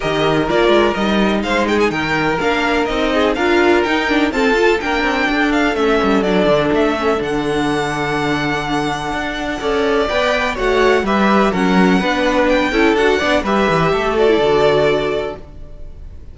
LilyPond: <<
  \new Staff \with { instrumentName = "violin" } { \time 4/4 \tempo 4 = 125 dis''4 d''4 dis''4 f''8 g''16 gis''16 | g''4 f''4 dis''4 f''4 | g''4 a''4 g''4. f''8 | e''4 d''4 e''4 fis''4~ |
fis''1~ | fis''4 g''4 fis''4 e''4 | fis''2 g''4 fis''4 | e''4. d''2~ d''8 | }
  \new Staff \with { instrumentName = "violin" } { \time 4/4 ais'2. c''8 gis'8 | ais'2~ ais'8 gis'8 ais'4~ | ais'4 a'4 ais'4 a'4~ | a'1~ |
a'1 | d''2 cis''4 b'4 | ais'4 b'4. a'4 d''8 | b'4 a'2. | }
  \new Staff \with { instrumentName = "viola" } { \time 4/4 g'4 f'4 dis'2~ | dis'4 d'4 dis'4 f'4 | dis'8 d'8 c'8 f'8 d'2 | cis'4 d'4. cis'8 d'4~ |
d'1 | a'4 b'4 fis'4 g'4 | cis'4 d'4. e'8 fis'8 d'8 | g'4. fis'16 e'16 fis'2 | }
  \new Staff \with { instrumentName = "cello" } { \time 4/4 dis4 ais8 gis8 g4 gis4 | dis4 ais4 c'4 d'4 | dis'4 f'4 ais8 c'8 d'4 | a8 g8 fis8 d8 a4 d4~ |
d2. d'4 | cis'4 b4 a4 g4 | fis4 b4. cis'8 d'8 b8 | g8 e8 a4 d2 | }
>>